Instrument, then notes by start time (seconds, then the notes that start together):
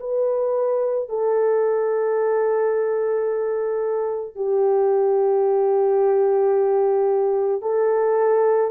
horn
0.00 B4
1.09 A4
4.35 G4
7.62 A4